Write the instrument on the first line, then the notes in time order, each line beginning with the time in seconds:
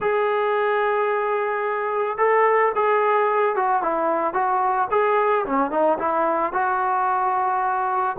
trombone
0.00 G#4
2.17 A4
2.75 G#4
3.55 F#4
3.82 E4
4.33 F#4
4.90 G#4
5.45 C#4
5.70 D#4
5.99 E4
6.53 F#4